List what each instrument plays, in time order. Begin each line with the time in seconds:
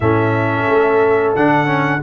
0.00 tuba A2, trombone C#4, horn A4, trumpet E5
0.68 tuba A3
1.35 tuba D3, trombone D4, trumpet F#5
1.66 trombone C#4